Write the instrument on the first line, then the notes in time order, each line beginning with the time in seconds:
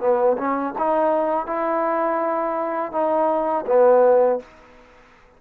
trombone
0.00 B3
0.37 C#4
0.78 D#4
1.46 E4
2.92 D#4
3.66 B3